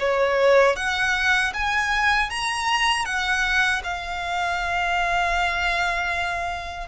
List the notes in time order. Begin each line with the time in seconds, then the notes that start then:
0.00 C#5
0.77 F#5
1.54 G#5
2.30 A#5
3.06 F#5
3.84 F5